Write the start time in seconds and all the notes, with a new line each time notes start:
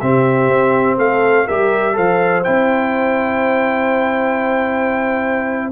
0.00 C3 C4 G4 E5
0.48 C4
0.98 A3 A4 F5
1.46 G3 G4 A#4 E5
1.93 F3 A4 C5 F5
2.44 C4 E4 G5